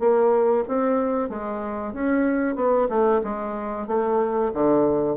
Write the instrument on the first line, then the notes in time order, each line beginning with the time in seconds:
bassoon
0.00 A#3
0.68 C4
1.30 G#3
1.94 C#4
2.56 B3
2.89 A3
3.24 G#3
3.88 A3
4.54 D3